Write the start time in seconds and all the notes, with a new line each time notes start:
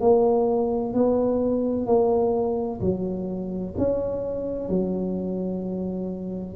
0.00 A#3
0.93 B3
1.86 A#3
2.80 F#3
3.77 C#4
4.69 F#3